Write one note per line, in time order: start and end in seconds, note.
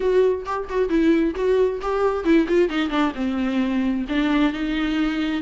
0.00 0.44 F#4
0.45 0.68 G4
0.69 0.89 F#4
0.89 1.34 E4
1.35 1.80 F#4
1.81 2.24 G4
2.24 2.46 E4
2.48 2.69 F4
2.69 2.89 D#4
2.89 3.12 D4
3.14 4.05 C4
4.08 4.52 D4
4.52 5.42 D#4